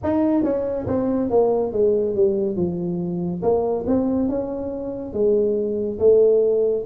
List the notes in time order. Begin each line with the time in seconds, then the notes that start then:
0.03 D#4
0.43 C#4
0.87 C4
1.29 A#3
1.72 G#3
2.15 G3
2.56 F3
3.42 A#3
3.86 C4
4.29 C#4
5.13 G#3
5.99 A3